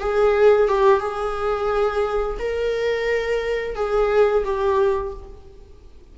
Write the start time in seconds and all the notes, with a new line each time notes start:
0.00 G#4
0.68 G4
1.00 G#4
2.39 A#4
3.75 G#4
4.45 G4